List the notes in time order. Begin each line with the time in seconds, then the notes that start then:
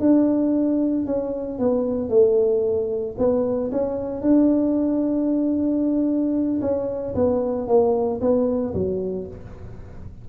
0.00 D4
1.06 C#4
1.59 B3
2.09 A3
3.18 B3
3.72 C#4
4.22 D4
6.61 C#4
7.15 B3
7.67 A#3
8.21 B3
8.74 F#3